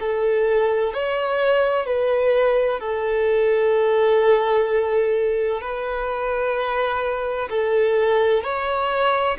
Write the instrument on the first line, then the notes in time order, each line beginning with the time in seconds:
violin
0.00 A4
0.94 C#5
1.86 B4
2.80 A4
5.61 B4
7.50 A4
8.43 C#5